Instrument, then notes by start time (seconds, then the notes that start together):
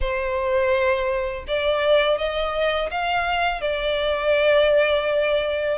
violin
0.00 C5
1.47 D5
2.18 D#5
2.90 F5
3.61 D5